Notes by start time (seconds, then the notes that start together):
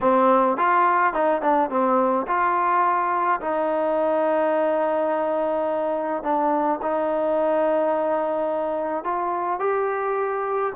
0.01 C4
0.57 F4
1.13 D#4
1.42 D4
1.70 C4
2.27 F4
3.40 D#4
6.23 D4
6.82 D#4
9.04 F4
9.59 G4